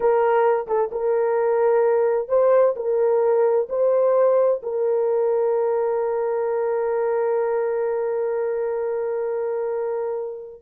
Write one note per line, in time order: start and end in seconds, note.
0.00 0.66 A#4
0.67 0.90 A4
0.91 2.28 A#4
2.28 2.74 C5
2.75 3.68 A#4
3.69 4.61 C5
4.62 10.62 A#4